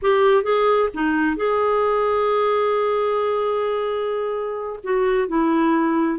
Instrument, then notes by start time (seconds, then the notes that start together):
clarinet
0.02 G4
0.43 G#4
0.94 D#4
1.36 G#4
4.83 F#4
5.28 E4